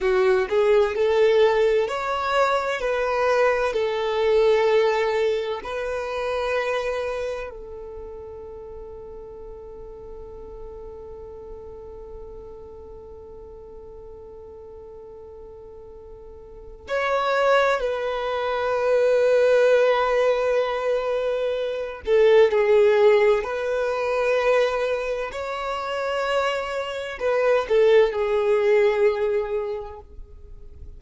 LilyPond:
\new Staff \with { instrumentName = "violin" } { \time 4/4 \tempo 4 = 64 fis'8 gis'8 a'4 cis''4 b'4 | a'2 b'2 | a'1~ | a'1~ |
a'2 cis''4 b'4~ | b'2.~ b'8 a'8 | gis'4 b'2 cis''4~ | cis''4 b'8 a'8 gis'2 | }